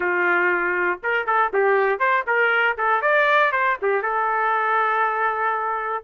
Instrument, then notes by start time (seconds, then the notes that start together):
trumpet
0.00 F4
1.03 A#4
1.26 A4
1.53 G4
1.99 C5
2.26 A#4
2.77 A4
3.01 D5
3.52 C5
3.81 G4
4.02 A4